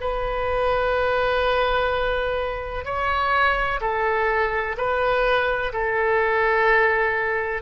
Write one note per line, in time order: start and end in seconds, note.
0.00 2.84 B4
2.84 3.80 C#5
3.81 4.76 A4
4.77 5.72 B4
5.73 7.62 A4